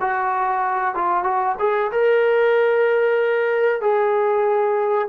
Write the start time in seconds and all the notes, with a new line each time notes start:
0.00 F#4
0.94 F4
1.23 F#4
1.59 G#4
1.91 A#4
3.81 G#4